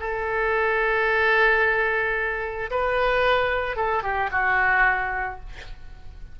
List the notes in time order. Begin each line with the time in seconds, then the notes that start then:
0.00 A4
2.71 B4
3.76 A4
4.03 G4
4.32 F#4